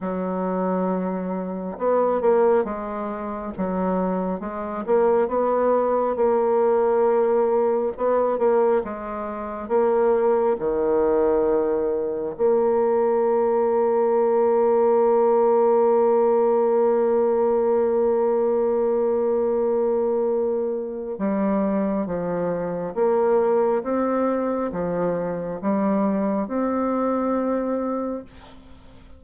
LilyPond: \new Staff \with { instrumentName = "bassoon" } { \time 4/4 \tempo 4 = 68 fis2 b8 ais8 gis4 | fis4 gis8 ais8 b4 ais4~ | ais4 b8 ais8 gis4 ais4 | dis2 ais2~ |
ais1~ | ais1 | g4 f4 ais4 c'4 | f4 g4 c'2 | }